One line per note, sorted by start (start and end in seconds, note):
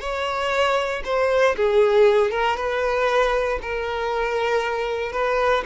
0.00 1.03 C#5
1.04 1.56 C5
1.57 2.31 G#4
2.31 2.56 A#4
2.56 3.59 B4
3.62 5.12 A#4
5.12 5.63 B4